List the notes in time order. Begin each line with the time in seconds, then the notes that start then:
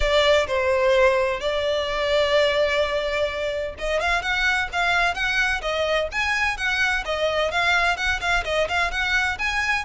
0.00 D5
0.47 C5
1.40 D5
3.78 D#5
4.00 F5
4.22 F#5
4.72 F5
5.14 F#5
5.61 D#5
6.11 G#5
6.57 F#5
7.05 D#5
7.51 F5
7.96 F#5
8.20 F5
8.44 D#5
8.68 F5
8.91 F#5
9.38 G#5